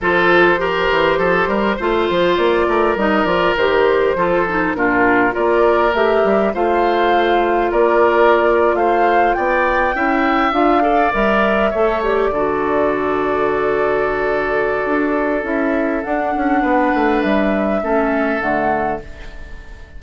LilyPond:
<<
  \new Staff \with { instrumentName = "flute" } { \time 4/4 \tempo 4 = 101 c''1 | d''4 dis''8 d''8 c''2 | ais'4 d''4 e''4 f''4~ | f''4 d''4.~ d''16 f''4 g''16~ |
g''4.~ g''16 f''4 e''4~ e''16~ | e''16 d''2.~ d''8.~ | d''2 e''4 fis''4~ | fis''4 e''2 fis''4 | }
  \new Staff \with { instrumentName = "oboe" } { \time 4/4 a'4 ais'4 a'8 ais'8 c''4~ | c''8 ais'2~ ais'8 a'4 | f'4 ais'2 c''4~ | c''4 ais'4.~ ais'16 c''4 d''16~ |
d''8. e''4. d''4. cis''16~ | cis''8. a'2.~ a'16~ | a'1 | b'2 a'2 | }
  \new Staff \with { instrumentName = "clarinet" } { \time 4/4 f'4 g'2 f'4~ | f'4 dis'8 f'8 g'4 f'8 dis'8 | d'4 f'4 g'4 f'4~ | f'1~ |
f'8. e'4 f'8 a'8 ais'4 a'16~ | a'16 g'8 fis'2.~ fis'16~ | fis'2 e'4 d'4~ | d'2 cis'4 a4 | }
  \new Staff \with { instrumentName = "bassoon" } { \time 4/4 f4. e8 f8 g8 a8 f8 | ais8 a8 g8 f8 dis4 f4 | ais,4 ais4 a8 g8 a4~ | a4 ais4.~ ais16 a4 b16~ |
b8. cis'4 d'4 g4 a16~ | a8. d2.~ d16~ | d4 d'4 cis'4 d'8 cis'8 | b8 a8 g4 a4 d4 | }
>>